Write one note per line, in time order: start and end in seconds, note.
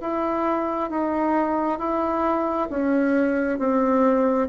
0.00 0.90 E4
0.90 1.78 D#4
1.78 2.68 E4
2.69 3.58 C#4
3.58 4.48 C4